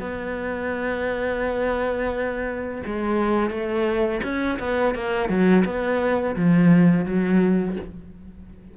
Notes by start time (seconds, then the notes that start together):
0.00 B3
2.86 G#3
3.50 A3
4.24 C#4
4.60 B3
4.95 A#3
5.29 F#3
5.65 B3
6.36 F3
7.06 F#3